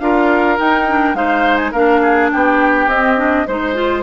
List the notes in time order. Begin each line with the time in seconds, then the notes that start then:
0.00 D4 F4 A#4 F5
0.58 D#4 G5
0.89 D4
1.14 G#3 D#4 C5 F5
1.56 G#5
1.72 A#3 D4 A#4 F5
2.02 G#4
2.32 B3 G4 G5
2.87 C4 D#5
3.17 D4
3.47 G#3 D#4 C5
3.74 F4